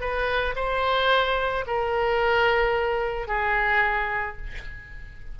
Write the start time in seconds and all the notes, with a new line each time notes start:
0.00 B4
0.55 C5
1.67 A#4
3.27 G#4